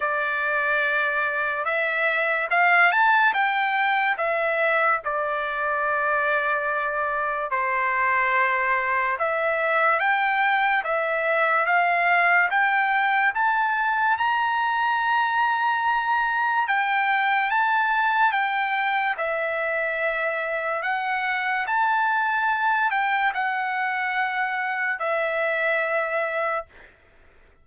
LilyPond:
\new Staff \with { instrumentName = "trumpet" } { \time 4/4 \tempo 4 = 72 d''2 e''4 f''8 a''8 | g''4 e''4 d''2~ | d''4 c''2 e''4 | g''4 e''4 f''4 g''4 |
a''4 ais''2. | g''4 a''4 g''4 e''4~ | e''4 fis''4 a''4. g''8 | fis''2 e''2 | }